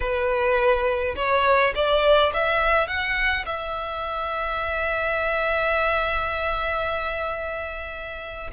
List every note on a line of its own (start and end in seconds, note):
0.00 1.15 B4
1.16 1.73 C#5
1.75 2.32 D5
2.33 2.87 E5
2.87 3.45 F#5
3.45 8.50 E5